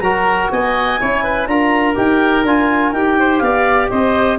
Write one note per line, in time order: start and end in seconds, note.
0.00 0.49 F#3
0.00 1.00 F#4
0.00 0.52 A#4
0.00 0.48 A#5
0.51 0.99 B3
0.51 1.00 D#5
0.51 1.47 G#5
1.00 1.47 C#4
1.00 1.48 E4
1.00 1.24 C#5
1.24 1.48 B4
1.47 1.95 D4
1.47 1.95 F4
1.47 3.19 A#4
1.47 1.96 A#5
1.95 2.44 D#4
1.95 2.43 G4
1.95 2.45 G5
2.44 2.92 D4
2.44 2.94 F4
2.44 2.93 G#5
2.92 3.41 D#4
2.92 4.39 G4
2.92 3.39 G5
3.19 3.43 C5
3.39 3.89 B3
3.39 3.90 D5
3.39 3.87 F5
3.90 4.39 C4
3.90 4.39 C5
3.90 4.38 D#5